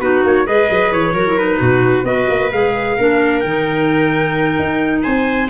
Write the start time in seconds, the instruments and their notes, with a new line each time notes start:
0.00 tuba B3, clarinet D#4, viola F#4, trumpet B4
0.24 tuba A#3, trumpet C#5
0.46 tuba G#3, clarinet G#4, viola B4, trumpet D#5
0.70 tuba F#3
0.92 tuba E3, trumpet C#5
1.13 tuba F#3, clarinet F#4, viola A#4
1.27 clarinet E4
1.38 clarinet D#4, trumpet B4
1.59 tuba B2, viola F#4
2.04 tuba B3, clarinet F#4, viola B4, trumpet D#5
2.30 tuba A#3
2.52 tuba G#3, clarinet G#4, trumpet F5
2.97 tuba A#3, clarinet D4, viola A#4
3.41 tuba D#3, trumpet G5
3.47 clarinet D#4
4.59 tuba D#4
5.03 tuba C4, viola C5, trumpet G#5